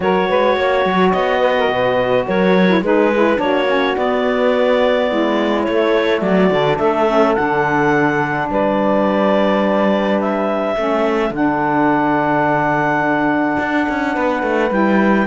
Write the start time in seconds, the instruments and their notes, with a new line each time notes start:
0.00 cello F#3, saxophone F#4 A#4, clarinet C#5
0.29 cello G#3, saxophone B4
0.56 cello A#3, saxophone C#5
0.85 cello F#3
1.12 cello B3, clarinet D#5
1.39 saxophone B4
1.57 saxophone A#4
1.68 cello B2, saxophone B4
2.26 cello F#3, saxophone A#4, clarinet C#5
2.67 saxophone E4
2.81 cello G#3, saxophone D#4 G#4, clarinet B4
3.14 saxophone E4
3.36 cello A#3, saxophone D4 F#4, clarinet C#5
3.67 saxophone C#4
3.95 saxophone B3, cello B3, clarinet D5
5.08 cello G#3, saxophone E4
5.63 saxophone A3, cello A3, clarinet C#5
6.20 cello F#3, saxophone F#4, clarinet D5
6.50 cello D3, saxophone D4
6.77 cello A3, saxophone A4, clarinet E5
7.07 saxophone C#4
7.34 cello D3, saxophone D4, clarinet F#5
8.49 cello G3, saxophone B4, clarinet D5
10.20 clarinet E5
10.75 cello A3, saxophone C#4 A4
11.30 cello D3, saxophone D4, clarinet F#5
13.58 cello D4
13.88 cello C#4
14.13 cello B3, saxophone B4
14.42 cello A3
14.70 cello G3, saxophone E4, clarinet G5